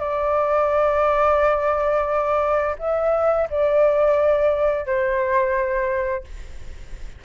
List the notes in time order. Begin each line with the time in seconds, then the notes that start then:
0.00 D5
2.79 E5
3.50 D5
4.87 C5